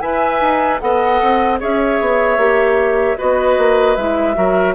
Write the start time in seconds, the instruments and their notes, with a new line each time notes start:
0.00 bassoon E4, clarinet B4, oboe E5, flute G#5
0.41 bassoon D#4
0.79 bassoon B3, clarinet A4, oboe D#5, flute F#5
1.22 bassoon C4
1.60 bassoon C#4, clarinet G#4, oboe C#5, flute E5
2.00 bassoon B3
2.37 bassoon A#3, clarinet G4
3.17 bassoon B3, clarinet F#4, oboe B4, flute D#5
3.58 bassoon A#3
3.96 bassoon G#3, clarinet E4, flute E5
4.34 bassoon F#3, clarinet F#4, oboe A#4